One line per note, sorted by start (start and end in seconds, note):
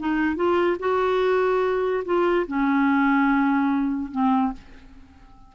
0.00 0.36 D#4
0.36 0.77 F4
0.80 2.04 F#4
2.05 2.47 F4
2.48 4.12 C#4
4.12 4.53 C4